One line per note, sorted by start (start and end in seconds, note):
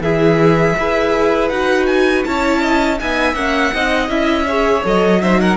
0.00 0.74 E3
0.00 0.77 E4
0.00 0.77 G#4
0.00 1.48 E5
0.78 1.50 E4
0.78 1.51 G#4
0.78 2.27 B4
1.48 2.24 D#4
1.48 2.25 F#4
1.48 1.85 F#5
1.86 2.23 G#5
2.24 3.00 C#4
2.24 2.98 E4
2.24 2.61 C#5
2.24 2.98 A5
2.61 2.98 D#5
2.98 3.34 B3
2.98 3.35 D#4
2.98 3.74 E5
2.98 3.34 G#5
3.34 3.71 A#3
3.34 3.73 C#4
3.34 4.08 F#5
3.73 4.08 C4
3.73 4.08 D#4
3.73 4.47 D#5
4.08 4.82 C#4
4.08 4.45 E4
4.08 4.83 E5
4.47 4.83 G#4
4.47 5.21 C#5
4.83 5.56 F#3
4.83 5.20 A4
4.83 5.22 D#5
5.21 5.56 D#4
5.21 5.40 C5
5.21 5.40 E5
5.40 5.56 A#4
5.40 5.56 F#5